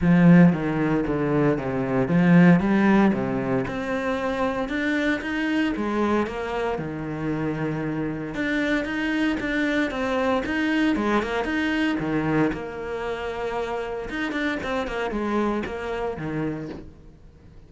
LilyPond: \new Staff \with { instrumentName = "cello" } { \time 4/4 \tempo 4 = 115 f4 dis4 d4 c4 | f4 g4 c4 c'4~ | c'4 d'4 dis'4 gis4 | ais4 dis2. |
d'4 dis'4 d'4 c'4 | dis'4 gis8 ais8 dis'4 dis4 | ais2. dis'8 d'8 | c'8 ais8 gis4 ais4 dis4 | }